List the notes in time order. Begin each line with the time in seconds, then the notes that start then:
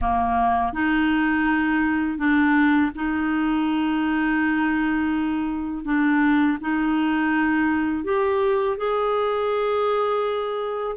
0.01 A#3
0.73 D#4
2.18 D4
2.95 D#4
5.84 D4
6.61 D#4
8.04 G4
8.77 G#4